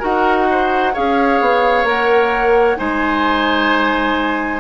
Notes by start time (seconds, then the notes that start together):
0.00 D#4 F#4 A#4 F#5
0.51 C5
0.93 C#4 G#4 C#5 F5
1.41 B3
1.84 A#3 A#4 F#5
2.77 G#3 D#4 C5 G#5